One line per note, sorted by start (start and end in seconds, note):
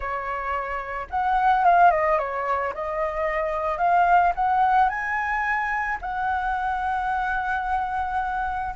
0.00 1.07 C#5
1.10 1.64 F#5
1.64 1.91 F5
1.91 2.18 D#5
2.18 2.73 C#5
2.74 3.78 D#5
3.78 4.32 F5
4.35 4.89 F#5
4.89 5.98 G#5
6.01 8.74 F#5